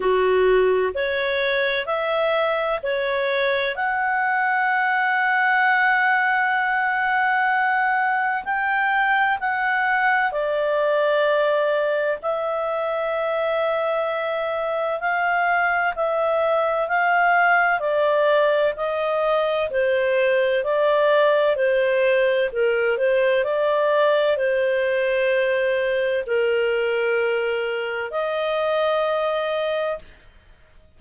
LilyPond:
\new Staff \with { instrumentName = "clarinet" } { \time 4/4 \tempo 4 = 64 fis'4 cis''4 e''4 cis''4 | fis''1~ | fis''4 g''4 fis''4 d''4~ | d''4 e''2. |
f''4 e''4 f''4 d''4 | dis''4 c''4 d''4 c''4 | ais'8 c''8 d''4 c''2 | ais'2 dis''2 | }